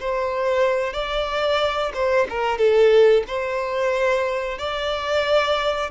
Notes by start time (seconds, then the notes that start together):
0.00 C5
0.93 D5
1.94 C5
2.29 A#4
2.58 A4
3.27 C5
4.58 D5